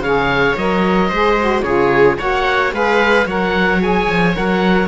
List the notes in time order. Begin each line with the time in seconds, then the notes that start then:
0.00 C#3 G#4 C#5 F5
0.58 F#3 A#4 D#5
1.09 G#3 G#4 C5
1.40 F#4
1.62 C#3 F4 G#4 C#5
2.19 A#3 F#4 C#5 F#5
2.73 G#3 G#4 B4 F5
3.26 F#3 A#4 C#5 F#5
3.80 G#4 G#5
4.09 F3
4.35 F#3 A#4 F#5